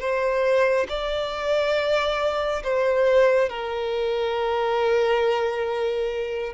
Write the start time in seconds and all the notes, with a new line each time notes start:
0.00 C5
0.89 D5
2.64 C5
3.49 A#4